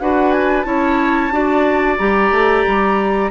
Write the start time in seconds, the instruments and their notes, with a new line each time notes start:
0.00 bassoon D4, clarinet F#4, oboe B4, flute F#5
0.32 flute G#5
0.62 bassoon C#4, clarinet E4, oboe C#5, flute A5
1.31 bassoon D4, clarinet F#4, oboe D5
1.98 bassoon G3, clarinet G4, flute A#5
2.31 bassoon A3
2.67 bassoon G3